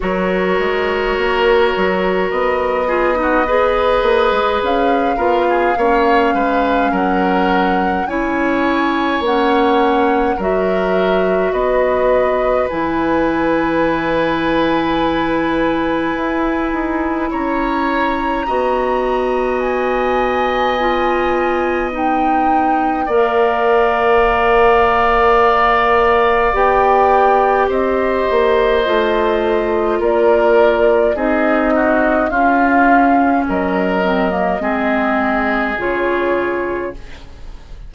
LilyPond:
<<
  \new Staff \with { instrumentName = "flute" } { \time 4/4 \tempo 4 = 52 cis''2 dis''2 | f''2 fis''4 gis''4 | fis''4 e''4 dis''4 gis''4~ | gis''2. ais''4~ |
ais''4 gis''2 g''4 | f''2. g''4 | dis''2 d''4 dis''4 | f''4 dis''2 cis''4 | }
  \new Staff \with { instrumentName = "oboe" } { \time 4/4 ais'2~ ais'8 gis'16 fis'16 b'4~ | b'8 ais'16 gis'16 cis''8 b'8 ais'4 cis''4~ | cis''4 ais'4 b'2~ | b'2. cis''4 |
dis''1 | d''1 | c''2 ais'4 gis'8 fis'8 | f'4 ais'4 gis'2 | }
  \new Staff \with { instrumentName = "clarinet" } { \time 4/4 fis'2~ fis'8 f'16 dis'16 gis'4~ | gis'8 f'8 cis'2 e'4 | cis'4 fis'2 e'4~ | e'1 |
fis'2 f'4 dis'4 | ais'2. g'4~ | g'4 f'2 dis'4 | cis'4. c'16 ais16 c'4 f'4 | }
  \new Staff \with { instrumentName = "bassoon" } { \time 4/4 fis8 gis8 ais8 fis8 b4. ais16 gis16 | cis'8 b8 ais8 gis8 fis4 cis'4 | ais4 fis4 b4 e4~ | e2 e'8 dis'8 cis'4 |
b1 | ais2. b4 | c'8 ais8 a4 ais4 c'4 | cis'4 fis4 gis4 cis4 | }
>>